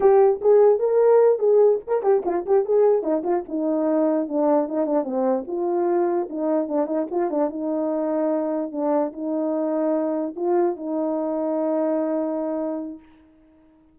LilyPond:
\new Staff \with { instrumentName = "horn" } { \time 4/4 \tempo 4 = 148 g'4 gis'4 ais'4. gis'8~ | gis'8 ais'8 g'8 f'8 g'8 gis'4 dis'8 | f'8 dis'2 d'4 dis'8 | d'8 c'4 f'2 dis'8~ |
dis'8 d'8 dis'8 f'8 d'8 dis'4.~ | dis'4. d'4 dis'4.~ | dis'4. f'4 dis'4.~ | dis'1 | }